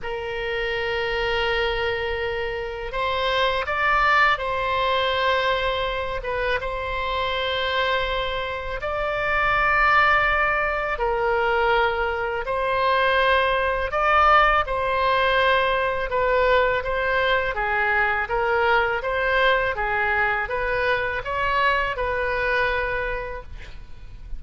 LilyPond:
\new Staff \with { instrumentName = "oboe" } { \time 4/4 \tempo 4 = 82 ais'1 | c''4 d''4 c''2~ | c''8 b'8 c''2. | d''2. ais'4~ |
ais'4 c''2 d''4 | c''2 b'4 c''4 | gis'4 ais'4 c''4 gis'4 | b'4 cis''4 b'2 | }